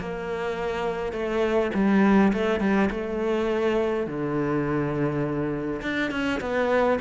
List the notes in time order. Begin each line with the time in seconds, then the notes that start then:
0.00 A#3
1.13 A3
1.74 G3
2.33 A3
2.61 G3
2.91 A3
4.07 D3
5.82 D4
6.11 C#4
6.41 B3